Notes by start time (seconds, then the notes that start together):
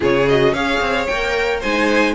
0.00 C#3 F4 G#4 C#5
0.28 F#4 D#5
0.52 C#4 G#4 C#5 F5
0.80 C4
1.06 A#3 A#4 G5
1.59 G#3 D#4 C5 G#5